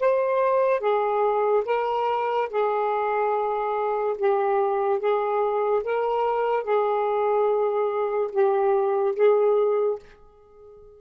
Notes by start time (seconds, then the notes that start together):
0.00 C5
0.80 G#4
1.66 A#4
2.50 G#4
4.18 G4
5.00 G#4
5.84 A#4
6.64 G#4
8.32 G4
9.16 G#4